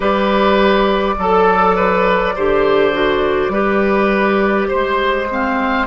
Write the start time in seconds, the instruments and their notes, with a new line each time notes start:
0.00 bassoon G3, clarinet G4, oboe B4, flute D5
1.17 bassoon F#3, clarinet A4, oboe A4
1.76 oboe B4
2.35 bassoon D3, clarinet G4, oboe C5
2.92 clarinet F#4
3.48 bassoon G3, clarinet G4, oboe B4
4.68 bassoon G#3, oboe C5, flute C5
5.28 clarinet C4, oboe F5